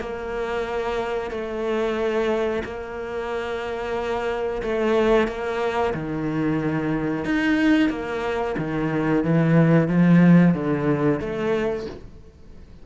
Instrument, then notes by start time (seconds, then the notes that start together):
cello
0.00 A#3
1.31 A3
2.64 A#3
4.62 A3
5.27 A#3
5.94 D#3
7.25 D#4
7.89 A#3
8.58 D#3
9.24 E3
9.88 F3
10.54 D3
11.20 A3